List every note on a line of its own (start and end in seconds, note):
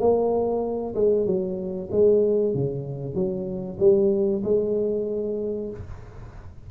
0.00 0.95 A#3
0.95 1.26 G#3
1.26 1.89 F#3
1.91 2.54 G#3
2.54 3.15 C#3
3.15 3.78 F#3
3.80 4.43 G3
4.44 5.70 G#3